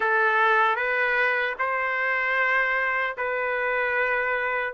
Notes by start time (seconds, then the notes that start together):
0.00 A4
0.75 B4
1.58 C5
3.17 B4